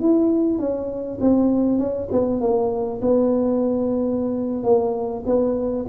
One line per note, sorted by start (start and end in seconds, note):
0.00 0.58 E4
0.58 1.18 C#4
1.20 1.78 C4
1.78 2.08 C#4
2.11 2.40 B3
2.40 3.00 A#3
3.01 4.63 B3
4.63 5.23 A#3
5.26 5.86 B3